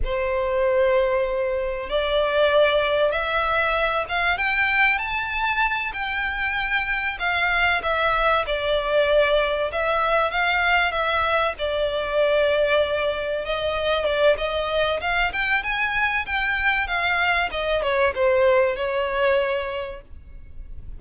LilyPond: \new Staff \with { instrumentName = "violin" } { \time 4/4 \tempo 4 = 96 c''2. d''4~ | d''4 e''4. f''8 g''4 | a''4. g''2 f''8~ | f''8 e''4 d''2 e''8~ |
e''8 f''4 e''4 d''4.~ | d''4. dis''4 d''8 dis''4 | f''8 g''8 gis''4 g''4 f''4 | dis''8 cis''8 c''4 cis''2 | }